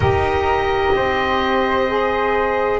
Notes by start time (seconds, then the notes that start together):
0.00 D#4 G4 A#4 D#5
0.95 C4 C5
1.88 G#4